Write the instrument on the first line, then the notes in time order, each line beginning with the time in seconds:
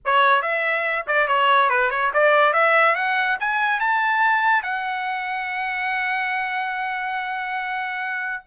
trumpet
0.05 C#5
0.42 E5
1.07 D5
1.27 C#5
1.69 B4
1.90 C#5
2.13 D5
2.53 E5
2.95 F#5
3.40 G#5
3.80 A5
4.63 F#5